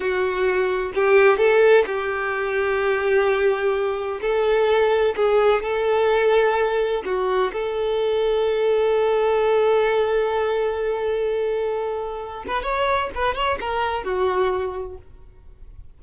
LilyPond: \new Staff \with { instrumentName = "violin" } { \time 4/4 \tempo 4 = 128 fis'2 g'4 a'4 | g'1~ | g'4 a'2 gis'4 | a'2. fis'4 |
a'1~ | a'1~ | a'2~ a'8 b'8 cis''4 | b'8 cis''8 ais'4 fis'2 | }